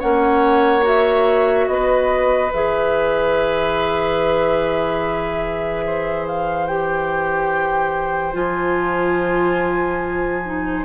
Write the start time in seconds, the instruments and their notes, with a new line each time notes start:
0.00 bassoon A#3, clarinet C#4, oboe C#5, flute F#5
0.83 clarinet F#4, flute E5
1.68 bassoon B3, oboe B4, flute D#5
2.53 bassoon E3, clarinet G#4, flute E5
5.86 oboe C5
6.28 flute F5
6.67 clarinet G4, flute G5
8.34 bassoon F3, clarinet F4, flute G#5
10.45 clarinet D#4